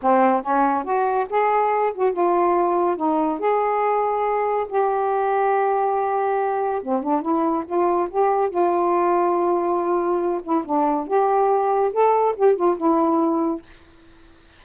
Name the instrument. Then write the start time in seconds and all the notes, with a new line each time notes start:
saxophone
0.02 C4
0.42 C#4
0.83 F#4
1.29 G#4
1.93 F#4
2.12 F4
2.96 D#4
3.39 G#4
4.68 G4
6.82 C4
7.02 D4
7.21 E4
7.66 F4
8.09 G4
8.49 F4
10.43 E4
10.65 D4
11.07 G4
11.92 A4
12.36 G4
12.55 F4
12.77 E4